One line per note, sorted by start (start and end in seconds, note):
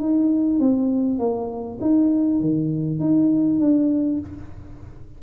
0.00 0.59 D#4
0.59 1.19 C4
1.19 1.79 A#3
1.81 2.41 D#4
2.41 3.00 D#3
3.00 3.60 D#4
3.60 4.20 D4